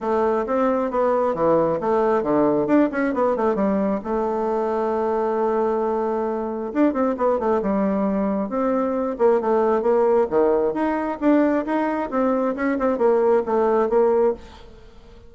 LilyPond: \new Staff \with { instrumentName = "bassoon" } { \time 4/4 \tempo 4 = 134 a4 c'4 b4 e4 | a4 d4 d'8 cis'8 b8 a8 | g4 a2.~ | a2. d'8 c'8 |
b8 a8 g2 c'4~ | c'8 ais8 a4 ais4 dis4 | dis'4 d'4 dis'4 c'4 | cis'8 c'8 ais4 a4 ais4 | }